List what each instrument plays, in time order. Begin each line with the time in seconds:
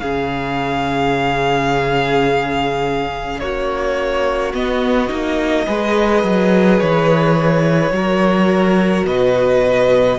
0.00 cello C#3, viola C#4, violin G#4 F5
3.39 cello A#3, violin F#4 C#5
4.53 cello B3, viola B3, violin D#5
5.09 cello A#3, viola D#4
5.66 cello G#3, viola G#4, violin B4
6.24 cello F#3
6.79 cello E3, violin C#5
7.91 cello F#3, viola F#4, violin A#4
9.05 cello B2, violin B4 D#5